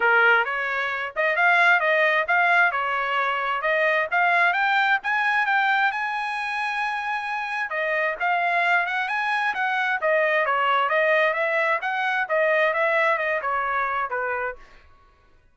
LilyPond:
\new Staff \with { instrumentName = "trumpet" } { \time 4/4 \tempo 4 = 132 ais'4 cis''4. dis''8 f''4 | dis''4 f''4 cis''2 | dis''4 f''4 g''4 gis''4 | g''4 gis''2.~ |
gis''4 dis''4 f''4. fis''8 | gis''4 fis''4 dis''4 cis''4 | dis''4 e''4 fis''4 dis''4 | e''4 dis''8 cis''4. b'4 | }